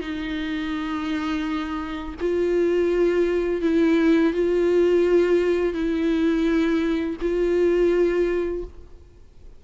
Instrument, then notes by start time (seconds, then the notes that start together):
viola
0.00 D#4
2.20 F4
3.61 E4
4.33 F4
5.73 E4
7.21 F4